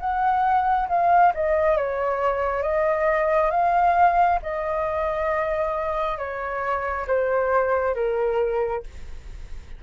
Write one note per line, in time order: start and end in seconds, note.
0.00 0.88 F#5
0.89 1.33 F5
1.34 1.77 D#5
1.77 2.62 C#5
2.62 3.51 D#5
3.51 4.39 F5
4.42 6.18 D#5
6.18 7.06 C#5
7.07 7.95 C5
7.95 8.83 A#4